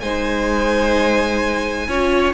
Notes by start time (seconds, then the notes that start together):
0.00 G#3 D#4 C5 G#5
1.88 C#4 F4 C#5